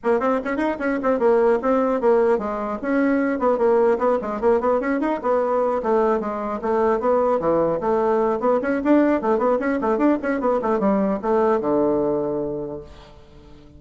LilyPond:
\new Staff \with { instrumentName = "bassoon" } { \time 4/4 \tempo 4 = 150 ais8 c'8 cis'8 dis'8 cis'8 c'8 ais4 | c'4 ais4 gis4 cis'4~ | cis'8 b8 ais4 b8 gis8 ais8 b8 | cis'8 dis'8 b4. a4 gis8~ |
gis8 a4 b4 e4 a8~ | a4 b8 cis'8 d'4 a8 b8 | cis'8 a8 d'8 cis'8 b8 a8 g4 | a4 d2. | }